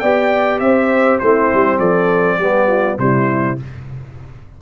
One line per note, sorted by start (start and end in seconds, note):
0.00 0.61 B3
0.00 1.23 G4
0.00 0.60 D5
0.00 0.59 G5
0.60 1.20 C4
0.60 1.22 C5
0.60 1.19 E5
1.20 1.52 A3
1.20 2.41 C4
1.20 1.79 E4
1.20 1.79 C5
1.54 1.79 G3
1.79 2.39 F3
1.79 2.38 A4
1.79 2.98 D5
2.39 2.98 G3
2.39 2.98 B3
2.39 2.68 G4
2.68 2.98 F4
2.98 3.58 C3
2.98 3.58 G3
2.98 3.62 E4
2.98 3.59 C5